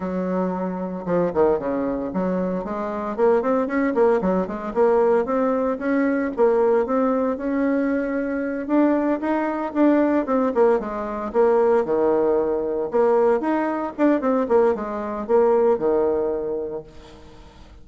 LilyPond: \new Staff \with { instrumentName = "bassoon" } { \time 4/4 \tempo 4 = 114 fis2 f8 dis8 cis4 | fis4 gis4 ais8 c'8 cis'8 ais8 | fis8 gis8 ais4 c'4 cis'4 | ais4 c'4 cis'2~ |
cis'8 d'4 dis'4 d'4 c'8 | ais8 gis4 ais4 dis4.~ | dis8 ais4 dis'4 d'8 c'8 ais8 | gis4 ais4 dis2 | }